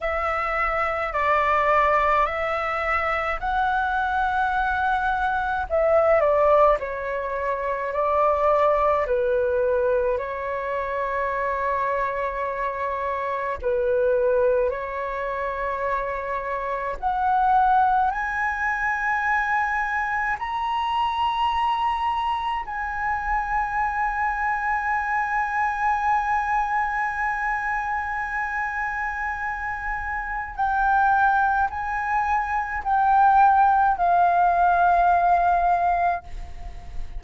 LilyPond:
\new Staff \with { instrumentName = "flute" } { \time 4/4 \tempo 4 = 53 e''4 d''4 e''4 fis''4~ | fis''4 e''8 d''8 cis''4 d''4 | b'4 cis''2. | b'4 cis''2 fis''4 |
gis''2 ais''2 | gis''1~ | gis''2. g''4 | gis''4 g''4 f''2 | }